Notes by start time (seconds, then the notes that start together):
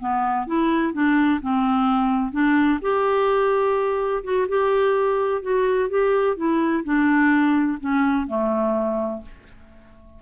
0.00 B3
0.47 E4
0.94 D4
1.42 C4
2.32 D4
2.82 G4
4.24 F#4
4.49 G4
5.42 F#4
5.90 G4
6.37 E4
6.84 D4
7.80 C#4
8.28 A3